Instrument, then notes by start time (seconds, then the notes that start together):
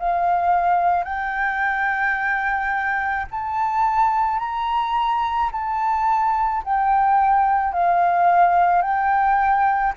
flute
0.00 F5
1.04 G5
3.31 A5
4.39 A#5
5.52 A5
6.64 G5
7.73 F5
8.82 G5